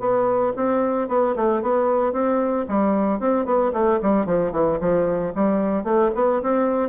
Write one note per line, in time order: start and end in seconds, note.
0.00 0.53 B3
0.57 1.09 C4
1.09 1.35 B3
1.36 1.63 A3
1.63 2.13 B3
2.13 2.66 C4
2.69 3.20 G3
3.20 3.46 C4
3.46 3.72 B3
3.73 4.00 A3
4.03 4.26 G3
4.26 4.53 F3
4.53 4.79 E3
4.81 5.34 F3
5.36 5.84 G3
5.84 6.11 A3
6.16 6.42 B3
6.42 6.90 C4